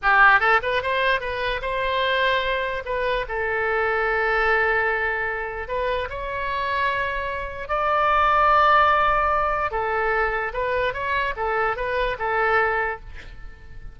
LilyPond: \new Staff \with { instrumentName = "oboe" } { \time 4/4 \tempo 4 = 148 g'4 a'8 b'8 c''4 b'4 | c''2. b'4 | a'1~ | a'2 b'4 cis''4~ |
cis''2. d''4~ | d''1 | a'2 b'4 cis''4 | a'4 b'4 a'2 | }